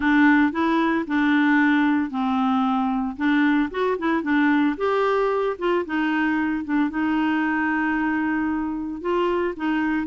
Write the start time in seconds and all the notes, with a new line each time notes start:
0.00 D4
0.52 E4
1.07 D4
2.10 C4
3.16 D4
3.70 F#4
3.98 E4
4.22 D4
4.77 G4
5.58 F4
5.85 D#4
6.64 D4
6.90 D#4
9.01 F4
9.56 D#4